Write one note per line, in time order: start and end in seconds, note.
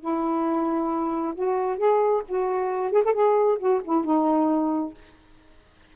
0.00 1.34 E4
1.35 1.78 F#4
1.78 2.22 G#4
2.28 2.92 F#4
2.92 3.03 G#4
3.05 3.13 A4
3.13 3.58 G#4
3.59 3.81 F#4
3.84 4.05 E4
4.05 4.94 D#4